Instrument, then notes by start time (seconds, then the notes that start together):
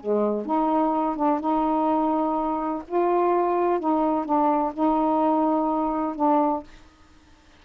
saxophone
0.00 G#3
0.45 D#4
1.16 D4
1.40 D#4
2.88 F4
3.80 D#4
4.25 D4
4.74 D#4
6.16 D4